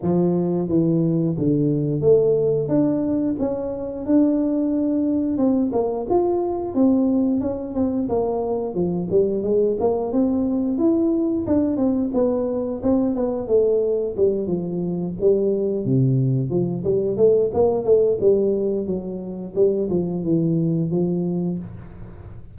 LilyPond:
\new Staff \with { instrumentName = "tuba" } { \time 4/4 \tempo 4 = 89 f4 e4 d4 a4 | d'4 cis'4 d'2 | c'8 ais8 f'4 c'4 cis'8 c'8 | ais4 f8 g8 gis8 ais8 c'4 |
e'4 d'8 c'8 b4 c'8 b8 | a4 g8 f4 g4 c8~ | c8 f8 g8 a8 ais8 a8 g4 | fis4 g8 f8 e4 f4 | }